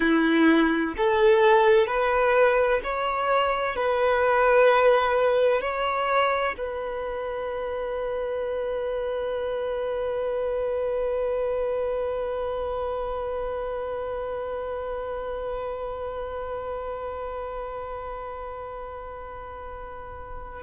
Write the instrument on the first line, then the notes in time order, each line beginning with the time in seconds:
violin
0.00 E4
0.97 A4
1.87 B4
2.83 C#5
3.76 B4
5.61 C#5
6.57 B4